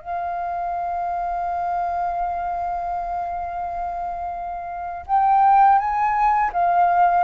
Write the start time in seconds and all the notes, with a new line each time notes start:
0.00 F5
5.07 G5
5.79 G#5
6.53 F5